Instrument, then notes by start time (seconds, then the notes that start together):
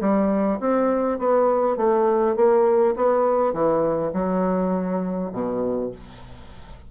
bassoon
0.00 G3
0.60 C4
1.18 B3
1.77 A3
2.36 A#3
2.96 B3
3.53 E3
4.13 F#3
5.32 B2